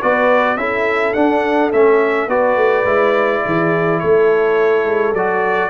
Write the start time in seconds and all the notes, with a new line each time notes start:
0.00 B3 F#4 B4 D5
0.56 C#4 E4 A4 E5
1.13 D4 F#5
1.72 A3 C#4 E5
2.26 B3 F#4 B4 D5
2.56 A3
2.84 G#3 E4
3.44 E3 G#4
3.99 A3 A4 C#5
4.85 G#3
5.12 F#3 F#4 D5